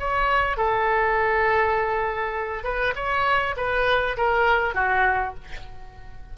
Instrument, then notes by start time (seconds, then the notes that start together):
oboe
0.00 C#5
0.58 A4
2.64 B4
2.96 C#5
3.57 B4
4.18 A#4
4.75 F#4